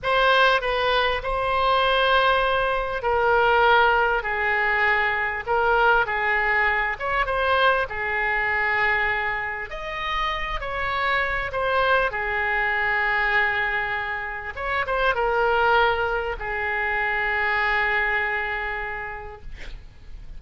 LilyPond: \new Staff \with { instrumentName = "oboe" } { \time 4/4 \tempo 4 = 99 c''4 b'4 c''2~ | c''4 ais'2 gis'4~ | gis'4 ais'4 gis'4. cis''8 | c''4 gis'2. |
dis''4. cis''4. c''4 | gis'1 | cis''8 c''8 ais'2 gis'4~ | gis'1 | }